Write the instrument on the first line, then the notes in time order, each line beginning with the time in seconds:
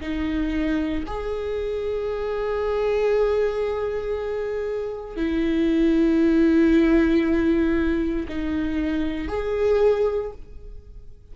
viola
0.00 D#4
1.07 G#4
5.16 E4
8.28 D#4
9.28 G#4